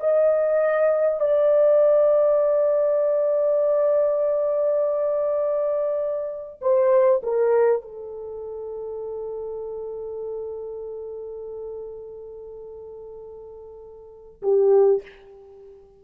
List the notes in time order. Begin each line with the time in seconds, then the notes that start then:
0.00 D#5
1.20 D5
6.61 C5
7.23 A#4
7.81 A4
14.42 G4